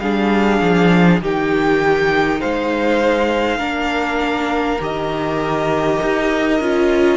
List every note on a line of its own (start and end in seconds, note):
0.00 0.61 G3
0.00 1.22 D4
0.00 1.23 G#4
0.00 1.20 F5
0.61 1.21 F3
1.21 2.41 D#3
1.21 3.59 D#4
1.21 2.40 G4
1.21 2.41 G5
2.40 3.59 G#3
2.40 3.58 C5
2.40 4.80 F5
3.58 4.79 A#3
3.58 4.79 D4
3.58 7.17 A#4
4.80 6.01 D#3
4.80 6.61 G4
4.80 7.17 D#5
6.02 6.60 D#4
6.60 7.17 C#4
6.60 7.17 F4